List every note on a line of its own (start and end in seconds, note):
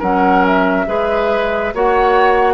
0.00 0.88 F#3
0.00 0.87 C#4
0.00 0.86 A#4
0.00 0.45 F#5
0.46 1.75 E5
0.87 1.74 G#3
0.87 1.73 G#4
0.87 1.74 B4
1.74 2.54 A#3
1.74 2.54 F#4
1.74 2.54 C#5
1.74 2.54 F#5